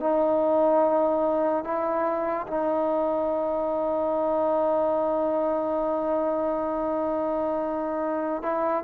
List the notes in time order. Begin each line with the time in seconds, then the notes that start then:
0.00 D#4
1.64 E4
2.47 D#4
8.42 E4